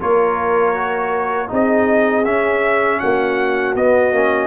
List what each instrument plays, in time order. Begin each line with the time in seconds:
0.00 tuba A#3, trombone F4, horn A#4, trumpet C#5
0.75 trombone F#4
1.48 tuba C4, trombone D#4, horn G#4, trumpet D#5
2.25 tuba C#4, trombone C#4, trumpet E5
3.00 tuba A#3, horn F#4, trumpet F#5
3.76 tuba B3, trombone B3, trumpet D#5
4.13 tuba A#3, trombone C#4